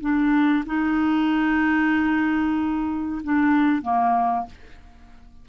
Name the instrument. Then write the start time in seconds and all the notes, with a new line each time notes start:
clarinet
0.00 D4
0.66 D#4
3.23 D4
3.82 A#3